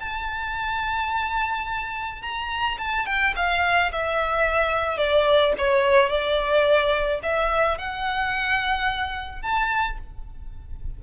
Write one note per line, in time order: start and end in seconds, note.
0.00 2.22 A5
2.22 2.78 A#5
2.78 3.06 A5
3.06 3.34 G5
3.36 3.92 F5
3.92 4.97 E5
4.97 5.53 D5
5.58 6.09 C#5
6.09 7.20 D5
7.23 7.78 E5
7.78 9.42 F#5
9.42 9.98 A5